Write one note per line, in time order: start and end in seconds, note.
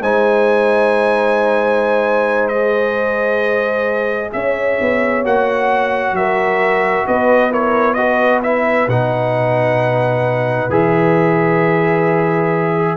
0.00 4.32 G#3
0.00 2.53 D#4
0.00 4.33 C5
0.00 2.48 G#5
2.48 5.24 G#4
2.48 4.30 D#5
4.32 4.79 C#4
4.32 6.17 C#5
4.32 5.23 E5
4.80 5.24 B3
5.24 6.12 A#3
5.24 7.51 F#4
5.24 6.15 F#5
6.12 7.03 F#3
6.12 7.07 A#4
6.12 7.06 E5
7.06 8.87 B3
7.06 7.51 B4
7.06 7.52 D#5
7.51 7.97 E4
7.51 7.96 A#4
7.51 7.93 C#5
7.93 8.42 F#4
7.93 12.96 B4
7.93 8.39 D#5
8.43 8.89 E4
8.43 8.88 E5
8.87 10.69 B2
8.87 10.70 D#4
8.87 10.71 F#5
10.69 12.96 E3
10.69 12.96 G#4
10.69 12.96 E5